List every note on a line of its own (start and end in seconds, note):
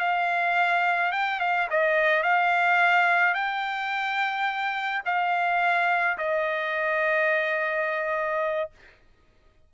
0.00 1.12 F5
1.12 1.40 G5
1.40 1.68 F5
1.71 2.24 D#5
2.24 3.35 F5
3.35 5.03 G5
5.06 6.18 F5
6.18 8.70 D#5